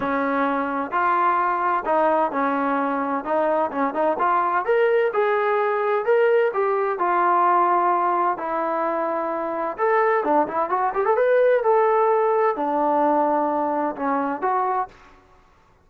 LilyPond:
\new Staff \with { instrumentName = "trombone" } { \time 4/4 \tempo 4 = 129 cis'2 f'2 | dis'4 cis'2 dis'4 | cis'8 dis'8 f'4 ais'4 gis'4~ | gis'4 ais'4 g'4 f'4~ |
f'2 e'2~ | e'4 a'4 d'8 e'8 fis'8 g'16 a'16 | b'4 a'2 d'4~ | d'2 cis'4 fis'4 | }